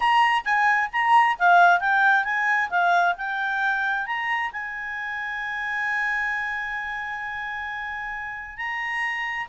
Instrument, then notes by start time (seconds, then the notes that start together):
clarinet
0.00 A#5
0.44 G#5
0.92 A#5
1.38 F5
1.79 G5
2.24 G#5
2.70 F5
3.17 G5
4.06 A#5
4.52 G#5
8.57 A#5